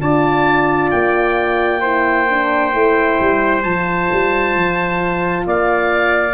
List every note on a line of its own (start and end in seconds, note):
0.00 0.92 D4
0.00 1.82 F4
0.00 1.81 D5
0.00 0.91 A5
0.91 2.74 A#3
0.91 3.64 G5
1.81 2.28 E4
1.81 5.45 C5
2.30 2.73 D4
2.73 3.20 A3
2.73 3.64 E4
3.20 3.65 G3
3.64 4.10 F3
3.64 6.34 F4
3.64 5.45 A5
4.12 4.55 G3
4.55 5.46 F3
5.47 6.34 A#3
5.47 6.34 D5
5.47 6.34 F5